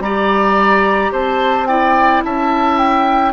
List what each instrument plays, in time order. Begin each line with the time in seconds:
0.00 bassoon G3, clarinet G4, oboe D5, flute A#5
1.12 bassoon C4, oboe C5, flute A5
1.67 clarinet E4, oboe D5, flute G5
2.25 bassoon C#4, oboe E5, flute A5
2.78 flute G5